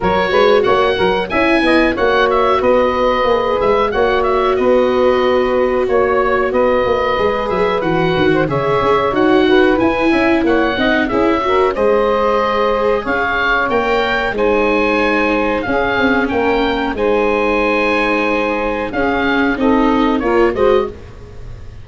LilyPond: <<
  \new Staff \with { instrumentName = "oboe" } { \time 4/4 \tempo 4 = 92 cis''4 fis''4 gis''4 fis''8 e''8 | dis''4. e''8 fis''8 e''8 dis''4~ | dis''4 cis''4 dis''4. e''8 | fis''4 e''4 fis''4 gis''4 |
fis''4 e''4 dis''2 | f''4 g''4 gis''2 | f''4 g''4 gis''2~ | gis''4 f''4 dis''4 cis''8 dis''8 | }
  \new Staff \with { instrumentName = "saxophone" } { \time 4/4 ais'8 b'8 cis''8 ais'8 e''8 dis''8 cis''4 | b'2 cis''4 b'4~ | b'4 cis''4 b'2~ | b'8. c''16 cis''4. b'4 e''8 |
cis''8 dis''8 gis'8 ais'8 c''2 | cis''2 c''2 | gis'4 ais'4 c''2~ | c''4 gis'4 a'4 ais'8 c''8 | }
  \new Staff \with { instrumentName = "viola" } { \time 4/4 fis'2 e'4 fis'4~ | fis'4 gis'4 fis'2~ | fis'2. gis'4 | fis'4 gis'4 fis'4 e'4~ |
e'8 dis'8 e'8 fis'8 gis'2~ | gis'4 ais'4 dis'2 | cis'2 dis'2~ | dis'4 cis'4 dis'4 f'8 fis'8 | }
  \new Staff \with { instrumentName = "tuba" } { \time 4/4 fis8 gis8 ais8 fis8 cis'8 b8 ais4 | b4 ais8 gis8 ais4 b4~ | b4 ais4 b8 ais8 gis8 fis8 | e8 dis8 cis8 cis'8 dis'4 e'8 cis'8 |
ais8 c'8 cis'4 gis2 | cis'4 ais4 gis2 | cis'8 c'8 ais4 gis2~ | gis4 cis'4 c'4 ais8 gis8 | }
>>